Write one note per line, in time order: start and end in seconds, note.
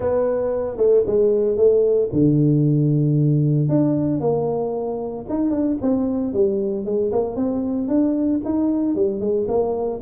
0.00 0.77 B3
0.77 1.03 A3
1.06 1.56 G#3
1.56 2.09 A3
2.12 3.68 D3
3.68 4.20 D4
4.20 5.25 A#3
5.29 5.50 D#4
5.50 5.76 D4
5.81 6.33 C4
6.33 6.85 G3
6.85 7.11 G#3
7.12 7.35 A#3
7.35 7.88 C4
7.88 8.40 D4
8.44 8.95 D#4
8.95 9.20 G3
9.20 9.46 G#3
9.48 10.00 A#3